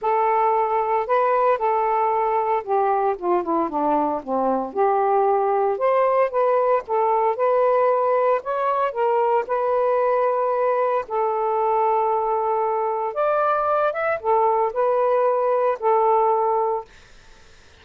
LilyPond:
\new Staff \with { instrumentName = "saxophone" } { \time 4/4 \tempo 4 = 114 a'2 b'4 a'4~ | a'4 g'4 f'8 e'8 d'4 | c'4 g'2 c''4 | b'4 a'4 b'2 |
cis''4 ais'4 b'2~ | b'4 a'2.~ | a'4 d''4. e''8 a'4 | b'2 a'2 | }